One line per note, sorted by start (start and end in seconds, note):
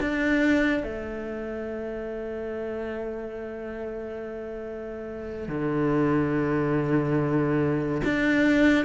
0.00 0.83 D4
0.83 5.48 A3
5.48 8.02 D3
8.04 8.85 D4